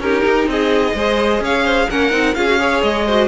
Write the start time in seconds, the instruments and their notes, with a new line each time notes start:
0.00 cello C#4, viola D#4, violin G4 A#4
0.25 cello D#4
0.47 cello C4, violin G#4 D#5
0.95 cello G#3, viola G#4, violin C5
1.41 cello C#4, violin C#5 F5
1.65 violin C5
1.91 cello A#3, viola C#4, violin A#4 F#5
2.11 cello C4, viola D#4
2.35 cello C#4, viola F4, violin G#4 F5
2.48 viola F#4
2.60 viola G#4, violin C#5
2.83 cello G#3, violin D#5
3.07 viola F#4, violin C5